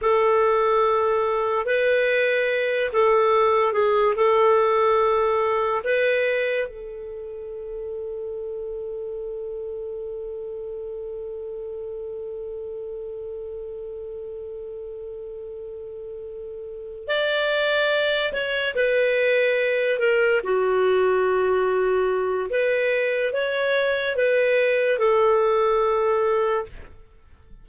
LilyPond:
\new Staff \with { instrumentName = "clarinet" } { \time 4/4 \tempo 4 = 72 a'2 b'4. a'8~ | a'8 gis'8 a'2 b'4 | a'1~ | a'1~ |
a'1~ | a'8 d''4. cis''8 b'4. | ais'8 fis'2~ fis'8 b'4 | cis''4 b'4 a'2 | }